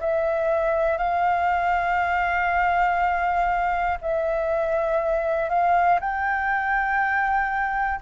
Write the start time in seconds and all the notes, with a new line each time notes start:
0.00 E5
0.98 F5
4.02 E5
5.50 F5
6.00 G5